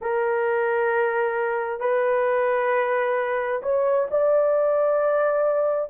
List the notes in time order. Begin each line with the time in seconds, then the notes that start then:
0.01 A#4
1.79 B4
3.62 C#5
4.10 D5